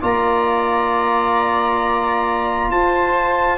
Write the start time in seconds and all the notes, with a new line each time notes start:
0.00 A#3 F4 D5 A#5
2.70 F4 C5 A5